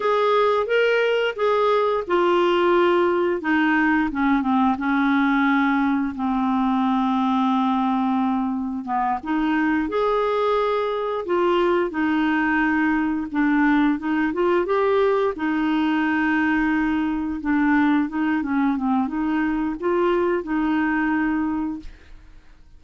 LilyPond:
\new Staff \with { instrumentName = "clarinet" } { \time 4/4 \tempo 4 = 88 gis'4 ais'4 gis'4 f'4~ | f'4 dis'4 cis'8 c'8 cis'4~ | cis'4 c'2.~ | c'4 b8 dis'4 gis'4.~ |
gis'8 f'4 dis'2 d'8~ | d'8 dis'8 f'8 g'4 dis'4.~ | dis'4. d'4 dis'8 cis'8 c'8 | dis'4 f'4 dis'2 | }